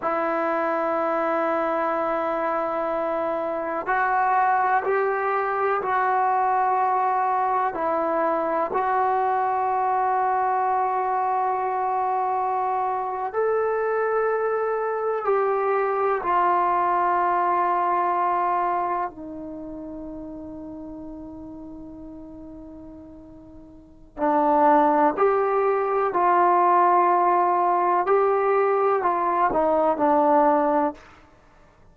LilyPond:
\new Staff \with { instrumentName = "trombone" } { \time 4/4 \tempo 4 = 62 e'1 | fis'4 g'4 fis'2 | e'4 fis'2.~ | fis'4.~ fis'16 a'2 g'16~ |
g'8. f'2. dis'16~ | dis'1~ | dis'4 d'4 g'4 f'4~ | f'4 g'4 f'8 dis'8 d'4 | }